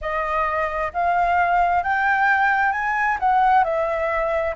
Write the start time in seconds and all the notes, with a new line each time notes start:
0.01 D#5
0.93 F5
1.83 G5
2.71 G#5
3.19 F#5
3.64 E5